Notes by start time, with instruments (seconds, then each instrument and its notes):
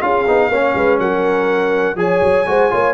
0.00 tuba C#4, trombone F4, horn G#4, trumpet F5
0.27 tuba B3, trombone D#4
0.48 tuba A#3, trombone C#4, horn C#5
0.74 tuba G#3, horn B4
0.98 tuba F#3, horn A#4, trumpet F#5
1.95 tuba F3, trombone G#4, horn C#5, trumpet G#5
2.21 tuba F#3
2.46 tuba G#3, trombone F#4, horn C5
2.70 tuba A#3, trombone F4, horn C#5